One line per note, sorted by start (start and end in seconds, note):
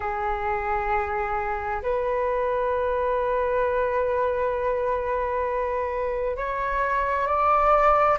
0.00 1.81 G#4
1.82 6.36 B4
6.36 7.26 C#5
7.26 8.17 D5